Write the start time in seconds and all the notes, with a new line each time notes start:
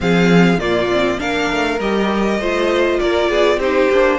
0.00 F3 C4 G#4 F5
0.57 A#2 A#3 F4 D5
0.91 C4
1.18 A#3 D4 A#4 F5
1.50 A3
1.79 G3 G4 D#5
2.38 A3 F4 C5
2.99 A#3 A#4 D5
3.29 B3 G#4
3.56 C4 D#4 G4 C5
3.90 A#3 D4